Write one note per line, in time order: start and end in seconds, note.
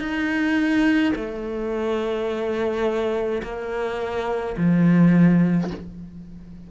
0.00 1.13 D#4
1.16 3.42 A3
3.43 4.56 A#3
4.57 5.71 F3